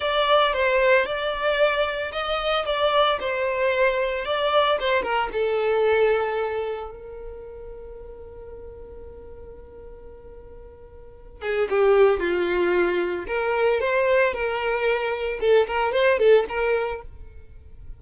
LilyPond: \new Staff \with { instrumentName = "violin" } { \time 4/4 \tempo 4 = 113 d''4 c''4 d''2 | dis''4 d''4 c''2 | d''4 c''8 ais'8 a'2~ | a'4 ais'2.~ |
ais'1~ | ais'4. gis'8 g'4 f'4~ | f'4 ais'4 c''4 ais'4~ | ais'4 a'8 ais'8 c''8 a'8 ais'4 | }